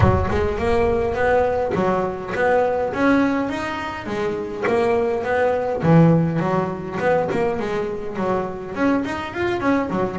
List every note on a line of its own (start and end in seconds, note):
0.00 0.29 F#3
0.30 0.58 G#3
0.58 1.14 A#3
1.14 1.72 B3
1.74 2.33 F#3
2.35 2.93 B3
2.93 3.49 C#4
3.49 4.06 D#4
4.06 4.64 G#3
4.67 5.23 A#3
5.23 5.81 B3
5.83 6.39 E3
6.39 6.97 F#3
6.99 7.28 B3
7.31 7.59 A#3
7.59 8.16 G#3
8.16 8.74 F#3
8.74 9.03 C#4
9.05 9.34 D#4
9.34 9.60 F4
9.60 9.89 C#4
9.90 10.18 F#3